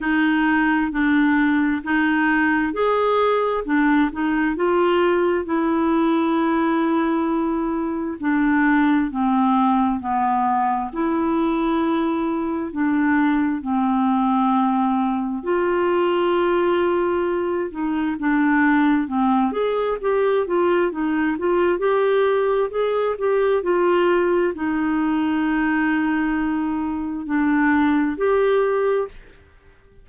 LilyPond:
\new Staff \with { instrumentName = "clarinet" } { \time 4/4 \tempo 4 = 66 dis'4 d'4 dis'4 gis'4 | d'8 dis'8 f'4 e'2~ | e'4 d'4 c'4 b4 | e'2 d'4 c'4~ |
c'4 f'2~ f'8 dis'8 | d'4 c'8 gis'8 g'8 f'8 dis'8 f'8 | g'4 gis'8 g'8 f'4 dis'4~ | dis'2 d'4 g'4 | }